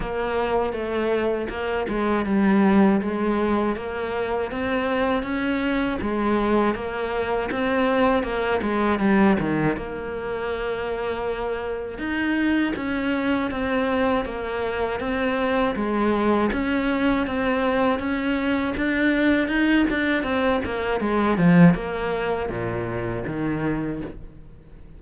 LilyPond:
\new Staff \with { instrumentName = "cello" } { \time 4/4 \tempo 4 = 80 ais4 a4 ais8 gis8 g4 | gis4 ais4 c'4 cis'4 | gis4 ais4 c'4 ais8 gis8 | g8 dis8 ais2. |
dis'4 cis'4 c'4 ais4 | c'4 gis4 cis'4 c'4 | cis'4 d'4 dis'8 d'8 c'8 ais8 | gis8 f8 ais4 ais,4 dis4 | }